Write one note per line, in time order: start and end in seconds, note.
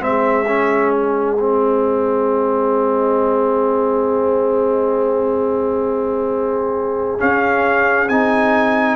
0.00 7.17 G#3
0.00 0.45 C4
0.00 0.93 E5
0.07 8.96 G#4
0.48 1.37 C#4
0.93 7.19 D#5
1.40 7.19 C4
7.19 8.08 C#4
7.19 8.09 C#4
7.19 8.09 F5
8.09 8.96 C4
8.09 8.96 D#4
8.09 8.96 G#5